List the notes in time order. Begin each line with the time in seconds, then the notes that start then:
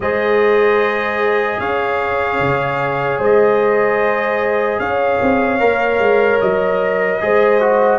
0.00 G#3 G#4 C5 D#5
1.59 C#4 C#5 F5
2.39 C#3
3.18 G#3 C5 D#5
4.79 C#4 C#5 F5
5.21 C4
5.59 A#3 A#4
5.99 G#3
6.40 F#3 D#5
7.21 G#3 G#4 C5
7.60 F#4